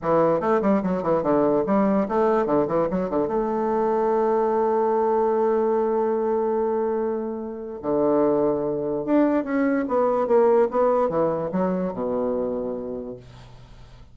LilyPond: \new Staff \with { instrumentName = "bassoon" } { \time 4/4 \tempo 4 = 146 e4 a8 g8 fis8 e8 d4 | g4 a4 d8 e8 fis8 d8 | a1~ | a1~ |
a2. d4~ | d2 d'4 cis'4 | b4 ais4 b4 e4 | fis4 b,2. | }